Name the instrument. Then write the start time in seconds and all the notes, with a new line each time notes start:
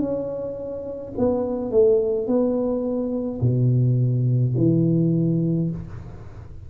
tuba
0.00 C#4
1.18 B3
1.71 A3
2.27 B3
3.41 B2
4.57 E3